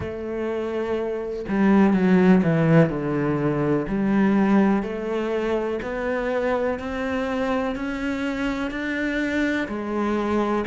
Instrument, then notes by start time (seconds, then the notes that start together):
cello
0.00 A3
1.48 G3
1.93 F#3
2.43 E3
2.89 D3
3.88 G3
4.82 A3
5.82 B3
6.79 C4
7.75 C#4
8.71 D4
9.68 G#3